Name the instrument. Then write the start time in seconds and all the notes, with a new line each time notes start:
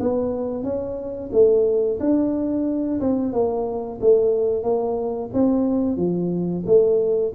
tuba
0.00 B3
0.63 C#4
1.32 A3
2.00 D4
3.01 C4
3.33 A#3
4.01 A3
4.63 A#3
5.33 C4
5.97 F3
6.66 A3